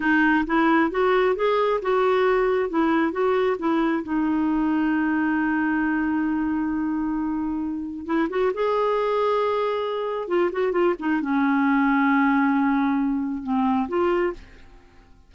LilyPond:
\new Staff \with { instrumentName = "clarinet" } { \time 4/4 \tempo 4 = 134 dis'4 e'4 fis'4 gis'4 | fis'2 e'4 fis'4 | e'4 dis'2.~ | dis'1~ |
dis'2 e'8 fis'8 gis'4~ | gis'2. f'8 fis'8 | f'8 dis'8 cis'2.~ | cis'2 c'4 f'4 | }